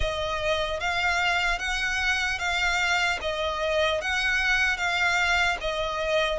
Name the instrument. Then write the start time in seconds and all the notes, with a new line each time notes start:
violin
0.00 D#5
0.80 F5
1.58 F#5
2.39 F5
3.21 D#5
4.01 F#5
4.77 F5
5.60 D#5